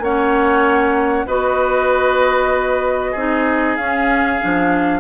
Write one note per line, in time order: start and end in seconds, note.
0.00 1.25 A#3
0.00 1.28 C#4
0.00 1.26 C#5
0.00 1.27 F#5
1.26 3.15 B3
1.26 3.15 F#4
1.26 3.12 B4
1.26 3.76 D#5
3.12 3.77 C4
3.12 3.79 D#4
3.12 4.99 G#4
3.76 4.40 C#4
3.76 4.41 C#4
3.76 5.00 F5
4.41 5.00 F3
4.41 5.00 D4